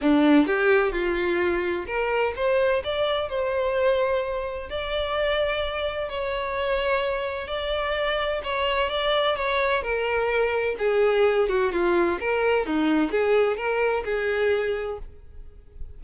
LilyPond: \new Staff \with { instrumentName = "violin" } { \time 4/4 \tempo 4 = 128 d'4 g'4 f'2 | ais'4 c''4 d''4 c''4~ | c''2 d''2~ | d''4 cis''2. |
d''2 cis''4 d''4 | cis''4 ais'2 gis'4~ | gis'8 fis'8 f'4 ais'4 dis'4 | gis'4 ais'4 gis'2 | }